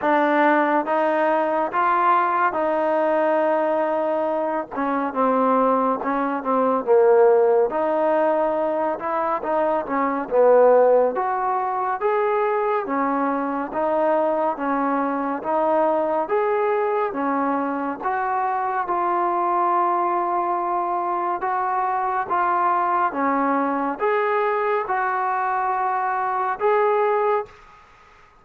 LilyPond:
\new Staff \with { instrumentName = "trombone" } { \time 4/4 \tempo 4 = 70 d'4 dis'4 f'4 dis'4~ | dis'4. cis'8 c'4 cis'8 c'8 | ais4 dis'4. e'8 dis'8 cis'8 | b4 fis'4 gis'4 cis'4 |
dis'4 cis'4 dis'4 gis'4 | cis'4 fis'4 f'2~ | f'4 fis'4 f'4 cis'4 | gis'4 fis'2 gis'4 | }